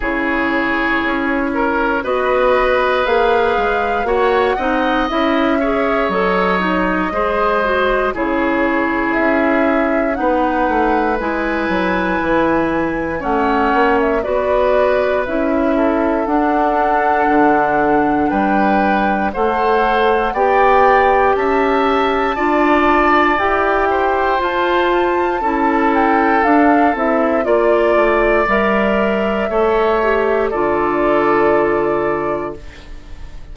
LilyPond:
<<
  \new Staff \with { instrumentName = "flute" } { \time 4/4 \tempo 4 = 59 cis''2 dis''4 f''4 | fis''4 e''4 dis''2 | cis''4 e''4 fis''4 gis''4~ | gis''4 fis''8. e''16 d''4 e''4 |
fis''2 g''4 fis''4 | g''4 a''2 g''4 | a''4. g''8 f''8 e''8 d''4 | e''2 d''2 | }
  \new Staff \with { instrumentName = "oboe" } { \time 4/4 gis'4. ais'8 b'2 | cis''8 dis''4 cis''4. c''4 | gis'2 b'2~ | b'4 cis''4 b'4. a'8~ |
a'2 b'4 c''4 | d''4 e''4 d''4. c''8~ | c''4 a'2 d''4~ | d''4 cis''4 a'2 | }
  \new Staff \with { instrumentName = "clarinet" } { \time 4/4 e'2 fis'4 gis'4 | fis'8 dis'8 e'8 gis'8 a'8 dis'8 gis'8 fis'8 | e'2 dis'4 e'4~ | e'4 cis'4 fis'4 e'4 |
d'2. a'4 | g'2 f'4 g'4 | f'4 e'4 d'8 e'8 f'4 | ais'4 a'8 g'8 f'2 | }
  \new Staff \with { instrumentName = "bassoon" } { \time 4/4 cis4 cis'4 b4 ais8 gis8 | ais8 c'8 cis'4 fis4 gis4 | cis4 cis'4 b8 a8 gis8 fis8 | e4 a8 ais8 b4 cis'4 |
d'4 d4 g4 a4 | b4 cis'4 d'4 e'4 | f'4 cis'4 d'8 c'8 ais8 a8 | g4 a4 d2 | }
>>